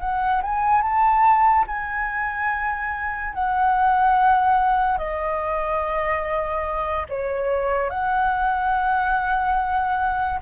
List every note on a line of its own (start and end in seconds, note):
0.00 0.42 F#5
0.42 0.81 G#5
0.81 1.65 A5
1.67 3.34 G#5
3.34 4.98 F#5
4.98 7.06 D#5
7.09 7.89 C#5
7.89 10.39 F#5